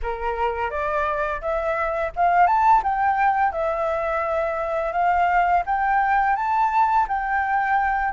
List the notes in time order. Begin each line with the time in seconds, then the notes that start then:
0.02 A#4
0.70 D5
1.41 E5
2.15 F5
2.46 A5
2.83 G5
3.52 E5
4.92 F5
5.66 G5
6.35 A5
7.08 G5